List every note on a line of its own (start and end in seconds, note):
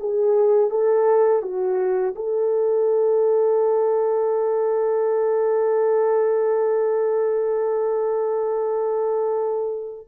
0.00 0.70 G#4
0.70 1.43 A4
1.43 2.15 F#4
2.16 10.08 A4